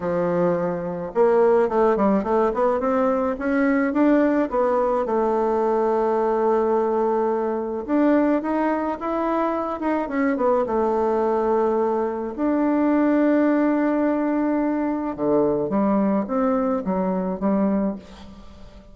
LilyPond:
\new Staff \with { instrumentName = "bassoon" } { \time 4/4 \tempo 4 = 107 f2 ais4 a8 g8 | a8 b8 c'4 cis'4 d'4 | b4 a2.~ | a2 d'4 dis'4 |
e'4. dis'8 cis'8 b8 a4~ | a2 d'2~ | d'2. d4 | g4 c'4 fis4 g4 | }